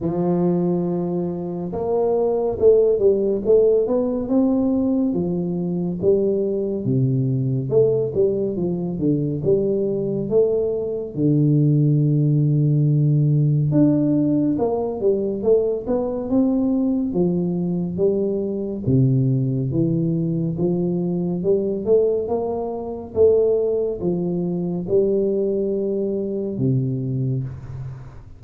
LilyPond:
\new Staff \with { instrumentName = "tuba" } { \time 4/4 \tempo 4 = 70 f2 ais4 a8 g8 | a8 b8 c'4 f4 g4 | c4 a8 g8 f8 d8 g4 | a4 d2. |
d'4 ais8 g8 a8 b8 c'4 | f4 g4 c4 e4 | f4 g8 a8 ais4 a4 | f4 g2 c4 | }